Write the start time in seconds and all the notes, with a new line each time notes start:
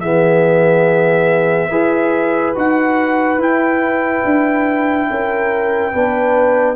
0.00 E3 B3 G#4 E5
1.69 E4 G#4 B4
2.55 D#4 F#4 F#5
3.37 E4 G5
4.24 D4
5.10 C#4 A#4
5.91 B3 D4 B4